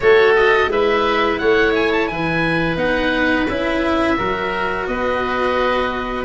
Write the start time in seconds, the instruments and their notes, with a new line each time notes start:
0.00 tuba A3, cello F#4, oboe A4 C#5
0.36 oboe D#5
0.67 tuba G#3, cello E4, oboe B4 E5
1.38 tuba A3, oboe C#5 F#5
1.75 oboe G#5
1.91 oboe A5
2.07 tuba E3, oboe B4 G#5
2.76 tuba B3, cello D#4, oboe F#5
3.48 tuba C#4, cello E4, oboe E5
4.16 tuba F#3, cello F#4, oboe A#4
4.87 tuba B3, oboe B4 D#5